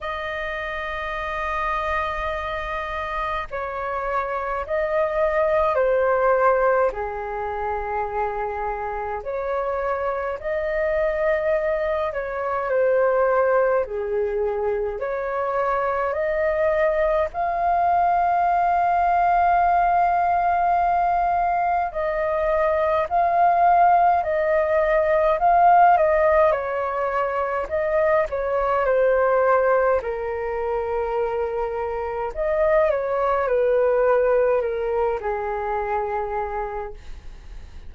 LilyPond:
\new Staff \with { instrumentName = "flute" } { \time 4/4 \tempo 4 = 52 dis''2. cis''4 | dis''4 c''4 gis'2 | cis''4 dis''4. cis''8 c''4 | gis'4 cis''4 dis''4 f''4~ |
f''2. dis''4 | f''4 dis''4 f''8 dis''8 cis''4 | dis''8 cis''8 c''4 ais'2 | dis''8 cis''8 b'4 ais'8 gis'4. | }